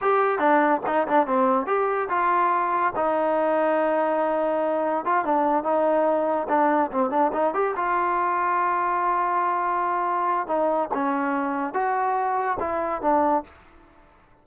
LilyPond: \new Staff \with { instrumentName = "trombone" } { \time 4/4 \tempo 4 = 143 g'4 d'4 dis'8 d'8 c'4 | g'4 f'2 dis'4~ | dis'1 | f'8 d'4 dis'2 d'8~ |
d'8 c'8 d'8 dis'8 g'8 f'4.~ | f'1~ | f'4 dis'4 cis'2 | fis'2 e'4 d'4 | }